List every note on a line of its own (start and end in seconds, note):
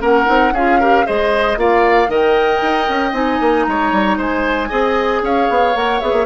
0.00 0.27 A#3
0.00 0.25 C#4
0.00 0.53 A#4
0.00 0.55 F#5
0.25 0.52 C4
0.25 0.52 D#4
0.52 1.04 C#4
0.52 0.81 F4
0.52 0.80 G#4
0.52 1.06 F5
0.80 1.05 G4
0.80 1.06 A#4
1.05 1.57 G#3
1.05 1.57 G#4
1.05 1.58 C5
1.05 1.58 D#5
1.57 2.08 A#3
1.57 2.08 F4
1.57 2.10 D5
1.57 2.12 F5
2.08 2.60 D#3
2.08 3.12 A#4
2.08 3.66 D#5
2.14 3.14 G5
2.62 2.88 D#4
2.89 3.12 C#4
3.12 3.39 C4
3.12 4.69 D#4
3.12 3.64 G#5
3.40 3.67 A#3
3.64 3.92 G#3
3.64 4.18 C#5
3.64 4.16 A#5
3.92 4.18 G3
4.18 4.70 G#3
4.18 4.69 C5
4.18 5.25 G#5
4.69 5.22 C4
4.69 5.74 G#4
4.69 5.21 D#5
5.22 5.48 C#4
5.22 6.26 C#5
5.22 5.77 F5
5.50 5.75 B3
5.75 6.01 A#3
5.75 6.01 A#4
5.75 6.00 F#5
6.00 6.13 B3
6.00 6.26 G#4
6.00 6.26 E5
6.13 6.26 A#3